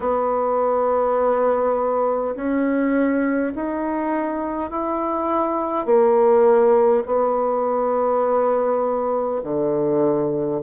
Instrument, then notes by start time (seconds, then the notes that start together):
bassoon
0.00 B3
2.35 C#4
3.55 D#4
4.70 E4
5.85 A#3
7.06 B3
9.43 D3